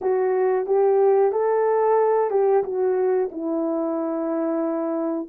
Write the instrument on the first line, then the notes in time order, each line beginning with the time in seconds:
horn
0.01 F#4
0.66 G4
1.32 A4
2.30 G4
2.63 F#4
3.31 E4